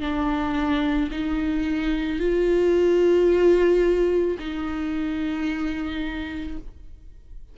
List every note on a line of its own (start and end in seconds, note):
0.00 1.09 D4
1.11 2.19 D#4
2.19 4.37 F4
4.39 6.57 D#4